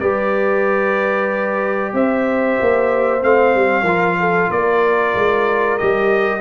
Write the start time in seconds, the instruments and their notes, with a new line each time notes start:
0.00 tuba G3, trombone G4, horn B4, trumpet D5
1.94 tuba C4, horn C5, trumpet E5
2.61 tuba A#3
3.21 tuba A3, trombone C4, trumpet F5
3.55 tuba G3
3.83 tuba F3, trombone F4, horn A#4
4.20 horn A4
4.50 tuba A#3, horn A#4, trumpet D5
5.15 tuba G#3
5.78 tuba G3, trombone G4, trumpet D#5